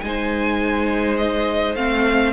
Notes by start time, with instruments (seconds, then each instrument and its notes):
0.00 cello G#3, viola D#4, violin C5 G#5
1.17 violin D#5
1.75 cello A3, viola C4, violin F5